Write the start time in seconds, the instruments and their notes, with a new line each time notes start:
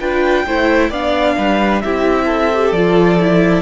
0.00 cello D4, viola F4, violin B4 G5
0.46 cello A3, viola E4, violin C5
0.90 cello B3, viola D4, violin D5 F5
1.37 cello G3, violin B4
1.81 cello C4, viola E4, violin G4 E5
2.26 violin A4
2.53 viola G4
2.72 cello F3, viola F4, violin D5
3.20 viola E4